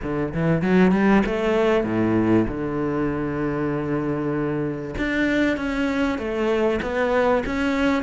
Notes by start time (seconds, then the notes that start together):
0.03 D3
0.34 E3
0.62 F#3
0.91 G3
1.26 A3
1.84 A2
2.47 D3
4.98 D4
5.57 C#4
6.18 A3
6.82 B3
7.45 C#4